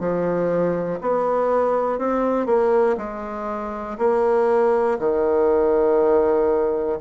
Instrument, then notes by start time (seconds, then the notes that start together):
bassoon
0.00 F3
1.01 B3
1.99 C4
2.46 A#3
2.97 G#3
3.99 A#3
4.99 D#3